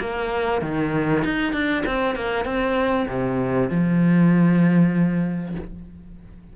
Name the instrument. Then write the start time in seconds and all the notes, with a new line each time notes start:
cello
0.00 A#3
0.62 D#3
1.24 D#4
1.53 D4
1.86 C4
2.15 A#3
2.45 C4
3.08 C3
3.69 F3